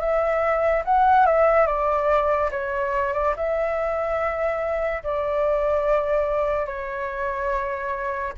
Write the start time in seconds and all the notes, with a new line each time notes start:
0.00 E5
0.85 F#5
1.26 E5
1.67 D5
2.51 C#5
3.14 D5
3.36 E5
5.03 D5
6.66 C#5